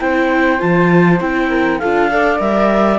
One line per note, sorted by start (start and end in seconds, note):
0.00 0.61 C4
0.00 0.59 E4
0.00 1.49 C5
0.00 0.60 G5
0.59 1.20 F3
0.59 1.19 F4
0.59 1.20 A5
1.20 1.80 C4
1.20 1.80 E4
1.20 1.79 G5
1.49 1.79 A#4
1.79 2.40 D4
1.79 2.11 F4
1.79 2.10 A4
1.79 2.39 F5
2.11 2.38 A4
2.11 2.99 D5
2.38 2.99 G3
2.38 2.98 A#4
2.38 2.99 E5